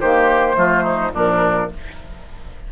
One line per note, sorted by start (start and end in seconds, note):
0.00 0.56 D#3
0.00 0.53 A#3
0.00 0.56 G4
0.00 1.12 C5
0.53 1.12 F3
0.53 1.09 A3
0.53 0.83 F4
0.83 1.11 D#4
1.12 1.68 A#2
1.12 1.70 F3
1.12 1.70 D4
1.12 1.72 A#4